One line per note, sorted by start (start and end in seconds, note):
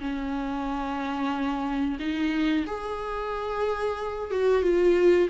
0.00 1.98 C#4
2.00 2.66 D#4
2.66 4.31 G#4
4.31 4.62 F#4
4.62 5.28 F4